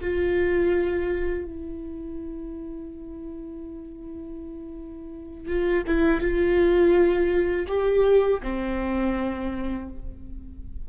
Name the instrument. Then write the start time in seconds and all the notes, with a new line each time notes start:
viola
0.00 F4
1.45 E4
5.47 F4
5.87 E4
6.21 F4
7.67 G4
8.42 C4